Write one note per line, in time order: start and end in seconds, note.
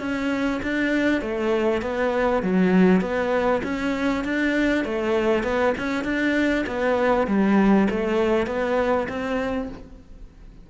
0.00 0.61 C#4
0.63 1.22 D4
1.22 1.82 A3
1.82 2.42 B3
2.42 3.01 F#3
3.01 3.61 B3
3.64 4.24 C#4
4.24 4.85 D4
4.85 5.44 A3
5.44 5.74 B3
5.78 6.04 C#4
6.04 6.65 D4
6.67 7.27 B3
7.27 7.88 G3
7.90 8.47 A3
8.47 9.07 B3
9.09 9.69 C4